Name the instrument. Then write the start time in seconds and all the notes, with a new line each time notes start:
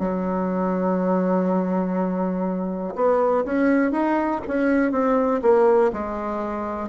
bassoon
0.00 F#3
2.96 B3
3.45 C#4
3.92 D#4
4.48 C#4
4.92 C4
5.42 A#3
5.94 G#3